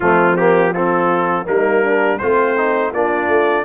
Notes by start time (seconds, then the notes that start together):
0.00 F3 A3 C4 F4
0.36 A#3 G4
0.71 C4 F4 A4
1.45 G3 A#3 D#4 A#4
1.83 D4
2.18 A3 C4 F4 C5
2.56 D#4
2.91 A#3 D4 F4 D5
3.27 A3